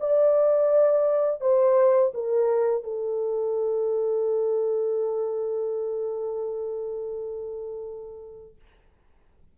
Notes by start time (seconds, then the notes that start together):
0.00 D5
1.41 C5
2.14 A#4
2.84 A4